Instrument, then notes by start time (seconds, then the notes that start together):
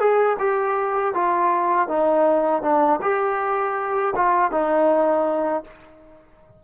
trombone
0.00 G#4
0.40 G4
1.15 F4
1.89 D#4
2.63 D4
3.02 G4
4.16 F4
4.52 D#4